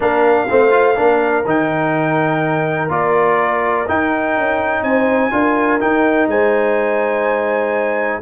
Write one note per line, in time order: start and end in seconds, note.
0.00 0.49 A#3
0.00 0.47 D4
0.00 0.44 A#4
0.00 1.46 F5
0.49 0.98 A3
0.49 0.70 C4
0.49 0.97 C5
0.70 0.94 F4
0.95 1.45 A#3
0.95 1.44 D4
0.95 4.84 A#4
1.45 2.89 D#3
1.45 2.89 D#4
1.45 2.90 G5
2.89 3.85 A#3
2.89 3.86 F4
2.89 3.87 D5
3.87 5.31 D#4
3.87 4.36 D#4
3.87 4.83 G5
4.36 4.82 C#4
4.82 5.30 C4
4.82 5.32 C5
4.82 5.80 G#5
5.31 5.80 D4
5.31 5.79 F4
5.31 6.29 A#4
5.80 8.22 D#4
5.80 6.27 D#4
5.80 6.28 G5
6.27 8.20 G#3
6.27 8.22 C5
6.27 8.22 G#5